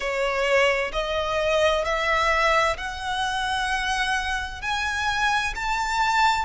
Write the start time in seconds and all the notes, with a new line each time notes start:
0.00 C#5
0.92 D#5
1.84 E5
2.77 F#5
4.61 G#5
5.55 A5